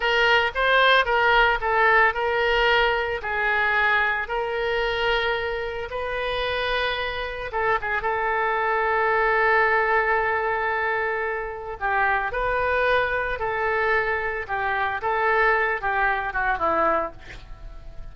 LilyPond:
\new Staff \with { instrumentName = "oboe" } { \time 4/4 \tempo 4 = 112 ais'4 c''4 ais'4 a'4 | ais'2 gis'2 | ais'2. b'4~ | b'2 a'8 gis'8 a'4~ |
a'1~ | a'2 g'4 b'4~ | b'4 a'2 g'4 | a'4. g'4 fis'8 e'4 | }